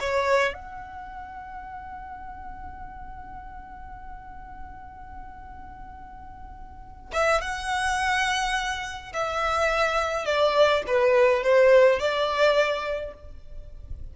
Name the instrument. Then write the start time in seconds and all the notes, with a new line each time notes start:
violin
0.00 C#5
0.54 F#5
7.13 E5
7.41 F#5
9.13 E5
10.26 D5
10.88 B4
11.43 C5
11.99 D5